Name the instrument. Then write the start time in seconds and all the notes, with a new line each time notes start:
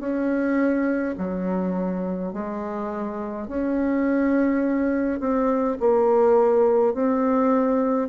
bassoon
0.00 C#4
1.18 F#3
2.33 G#3
3.48 C#4
5.20 C4
5.80 A#3
6.94 C4